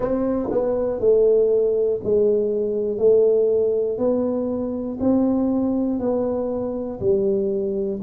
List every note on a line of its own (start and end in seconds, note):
0.00 0.49 C4
0.50 1.00 B3
1.00 2.00 A3
2.03 2.98 G#3
2.98 3.98 A3
3.98 4.98 B3
5.00 6.00 C4
6.00 7.00 B3
7.00 8.00 G3